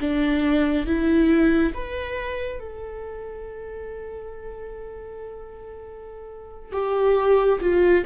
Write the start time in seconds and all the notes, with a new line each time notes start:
0.00 D4
0.87 E4
1.74 B4
2.60 A4
6.72 G4
7.61 F4